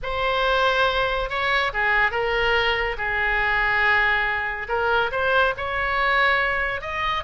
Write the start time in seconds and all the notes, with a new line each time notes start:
0.03 C5
1.29 C#5
1.73 G#4
2.11 A#4
2.97 G#4
4.68 A#4
5.11 C5
5.57 C#5
6.81 D#5